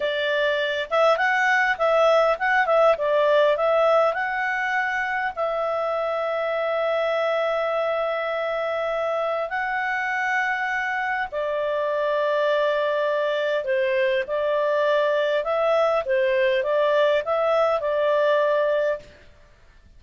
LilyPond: \new Staff \with { instrumentName = "clarinet" } { \time 4/4 \tempo 4 = 101 d''4. e''8 fis''4 e''4 | fis''8 e''8 d''4 e''4 fis''4~ | fis''4 e''2.~ | e''1 |
fis''2. d''4~ | d''2. c''4 | d''2 e''4 c''4 | d''4 e''4 d''2 | }